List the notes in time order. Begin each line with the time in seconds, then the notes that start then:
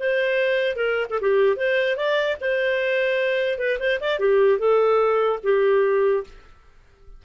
0.00 C5
0.77 A#4
1.10 A4
1.21 G4
1.56 C5
1.97 D5
2.41 C5
3.59 B4
3.80 C5
4.01 D5
4.20 G4
4.59 A4
5.44 G4